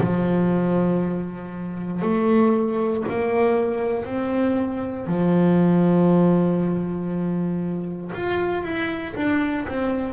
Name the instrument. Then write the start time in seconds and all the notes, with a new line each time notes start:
double bass
0.00 F3
2.02 A3
3.08 A#3
4.04 C4
5.06 F3
8.14 F4
8.63 E4
9.15 D4
9.67 C4